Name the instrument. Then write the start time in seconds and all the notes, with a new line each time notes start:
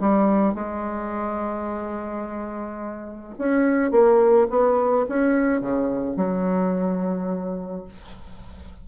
bassoon
0.00 G3
0.54 G#3
3.38 C#4
3.91 A#3
4.50 B3
5.09 C#4
5.61 C#3
6.17 F#3